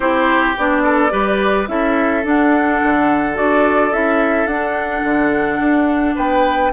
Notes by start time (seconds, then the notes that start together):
0.00 C4 E4 G4 C5
0.57 B3 D4 D5
0.84 A4
1.10 G3 G4 B4
1.67 C#4 E4 A4 E5
2.24 D4 F#5
2.83 D3
3.34 D4 F#4 D5
3.92 C#4 E4 E5
4.46 D4 F#5
5.03 D3
5.59 D4
6.15 B3 B4 G5